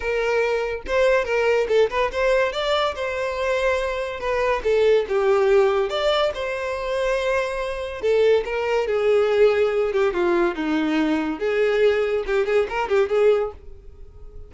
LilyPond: \new Staff \with { instrumentName = "violin" } { \time 4/4 \tempo 4 = 142 ais'2 c''4 ais'4 | a'8 b'8 c''4 d''4 c''4~ | c''2 b'4 a'4 | g'2 d''4 c''4~ |
c''2. a'4 | ais'4 gis'2~ gis'8 g'8 | f'4 dis'2 gis'4~ | gis'4 g'8 gis'8 ais'8 g'8 gis'4 | }